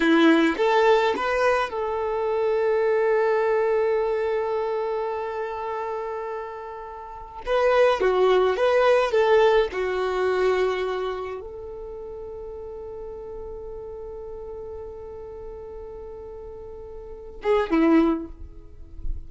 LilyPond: \new Staff \with { instrumentName = "violin" } { \time 4/4 \tempo 4 = 105 e'4 a'4 b'4 a'4~ | a'1~ | a'1~ | a'4 b'4 fis'4 b'4 |
a'4 fis'2. | a'1~ | a'1~ | a'2~ a'8 gis'8 e'4 | }